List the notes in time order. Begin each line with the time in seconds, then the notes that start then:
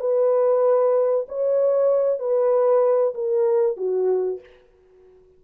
0.00 B4
1.29 C#5
2.19 B4
3.15 A#4
3.77 F#4